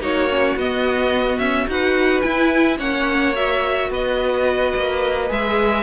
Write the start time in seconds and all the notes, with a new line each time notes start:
0.00 A#3 D#4 F#4 C#5
0.30 C#4
0.56 B3 D#5
1.39 C#4 E5
1.67 D#4 F#4 B4 F#5
2.22 E4 G#5
2.78 A#3 C#4 C#5 F#5
3.35 F#4 E5
3.90 B3 B4 D#5
4.76 A#3
5.28 G#3 G#4 E5